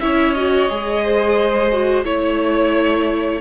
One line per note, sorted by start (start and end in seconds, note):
0.00 0.69 C#4
0.00 0.35 E4
0.00 1.04 C#5
0.00 0.33 E5
0.33 0.69 F#4
0.33 2.03 D#5
0.69 2.04 G#3
0.69 1.71 G#4
1.04 2.05 C5
1.71 2.04 F#4
2.04 3.41 A3
2.04 3.40 E4
2.04 3.41 C#5